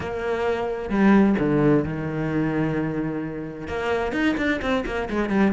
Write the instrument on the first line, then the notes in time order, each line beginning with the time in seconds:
cello
0.00 A#3
0.89 G3
1.38 D3
1.84 D#3
3.67 A#3
4.12 D#4
4.37 D4
4.61 C4
4.85 A#3
5.10 G#3
5.29 G3